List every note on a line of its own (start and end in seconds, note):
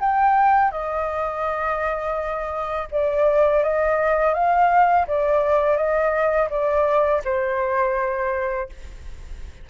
0.00 0.71 G5
0.71 2.88 D#5
2.91 3.63 D5
3.63 4.34 D#5
4.34 5.06 F5
5.07 5.76 D5
5.76 6.49 D#5
6.50 7.22 D5
7.25 8.69 C5